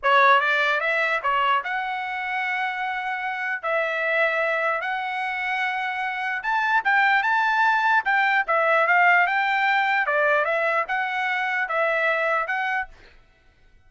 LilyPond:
\new Staff \with { instrumentName = "trumpet" } { \time 4/4 \tempo 4 = 149 cis''4 d''4 e''4 cis''4 | fis''1~ | fis''4 e''2. | fis''1 |
a''4 g''4 a''2 | g''4 e''4 f''4 g''4~ | g''4 d''4 e''4 fis''4~ | fis''4 e''2 fis''4 | }